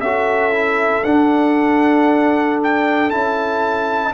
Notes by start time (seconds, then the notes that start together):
0.00 C#4 F#4 A4 E5
0.52 E4
1.04 D4 F#5
2.64 G5
3.10 C#4 E4 A5